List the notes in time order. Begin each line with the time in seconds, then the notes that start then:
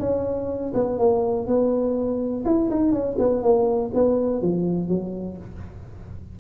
0.00 C#4
0.75 B3
0.99 A#3
1.47 B3
2.46 E4
2.71 D#4
2.92 C#4
3.19 B3
3.43 A#3
3.94 B3
4.42 F3
4.89 F#3